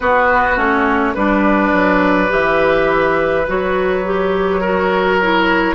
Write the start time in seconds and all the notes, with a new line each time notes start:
0.00 B3 F#4 B4
0.56 A3 C#4 C#5
1.14 G3 D4 B4 D5
1.72 F#3
2.28 E3 G4 E5
3.47 F#3 F#4 C#5
4.04 G4
4.60 F#4 A#4
5.21 E4